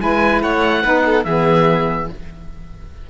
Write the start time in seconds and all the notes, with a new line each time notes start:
0.00 G#3 E4 B4 G#5
0.42 A3 C#5 F#5
0.83 B3 D#4 B4
1.06 A4
1.24 E3 B3 G#4 E5